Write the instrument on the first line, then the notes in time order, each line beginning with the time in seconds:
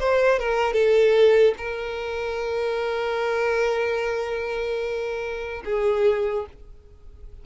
violin
0.00 C5
0.39 A#4
0.74 A4
1.58 A#4
5.65 G#4